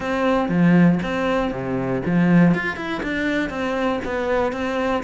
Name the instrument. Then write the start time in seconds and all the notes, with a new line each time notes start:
cello
0.00 C4
0.48 F3
1.02 C4
1.51 C3
2.05 F3
2.54 F4
2.76 E4
3.02 D4
3.49 C4
4.04 B3
4.52 C4